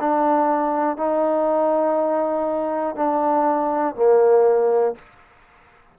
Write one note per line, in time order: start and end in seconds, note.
0.00 0.96 D4
0.96 2.95 D#4
2.95 3.95 D4
3.95 4.95 A#3